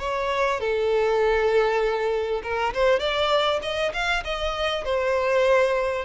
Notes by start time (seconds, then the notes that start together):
0.00 C#5
0.61 A4
2.44 A#4
2.74 C5
3.00 D5
3.63 D#5
3.94 F5
4.25 D#5
4.85 C5